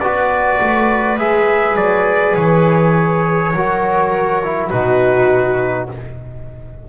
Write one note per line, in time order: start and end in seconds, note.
0.00 0.60 B3
0.00 1.18 F#4
0.00 3.53 B4
0.00 1.18 D5
0.61 1.18 A3
1.18 1.76 G#3
1.18 3.53 G#4
1.18 1.76 E5
1.76 2.35 F#3
1.76 2.35 D5
2.36 3.53 E3
2.36 4.70 C#5
3.53 4.71 F#3
3.53 4.43 F#4
3.53 4.70 A#4
4.43 4.72 E4
4.70 5.89 B2
4.70 5.89 D#4
4.70 5.87 F#4
4.70 5.87 B4